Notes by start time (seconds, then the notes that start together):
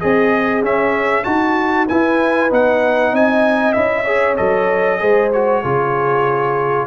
0.00 C4 G#4 D#5
0.62 C#4 E5
1.24 D#4 F#4 A5
1.88 E4 B4 G#5
2.50 B3 D#4 F#5
3.12 C4 D#5 G#5
3.72 C#4 E4 E5
4.05 G#4 C#5
4.36 F#3 A4 D#5
4.99 G#3 G#4 C5
5.33 F#4 C#5
5.62 C#3 F4 G#4